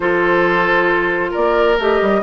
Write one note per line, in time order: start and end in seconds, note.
0.00 1.33 F3
0.00 1.76 F4
0.00 1.31 A4
0.00 1.32 C5
1.31 1.78 A#3
1.31 2.19 A#4
1.31 1.78 D5
1.78 2.00 A3
1.78 2.22 G4
1.78 2.22 D#5
2.01 2.22 G3